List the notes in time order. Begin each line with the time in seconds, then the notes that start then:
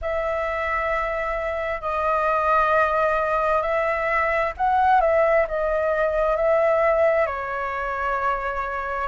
0.01 E5
1.81 D#5
3.62 E5
4.57 F#5
5.00 E5
5.48 D#5
6.36 E5
7.26 C#5